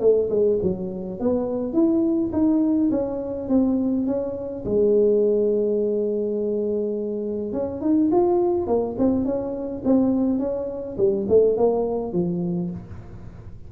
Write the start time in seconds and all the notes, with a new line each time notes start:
0.00 A3
0.30 G#3
0.62 F#3
1.19 B3
1.73 E4
2.32 D#4
2.91 C#4
3.49 C4
4.06 C#4
4.65 G#3
7.52 C#4
7.81 D#4
8.11 F4
8.67 A#3
8.98 C4
9.25 C#4
9.84 C4
10.39 C#4
10.97 G3
11.28 A3
11.57 A#3
12.12 F3